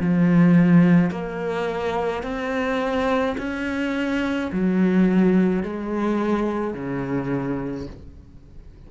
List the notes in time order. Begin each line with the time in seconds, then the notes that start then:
0.00 F3
1.11 A#3
2.23 C4
3.38 C#4
4.52 F#3
5.63 G#3
6.74 C#3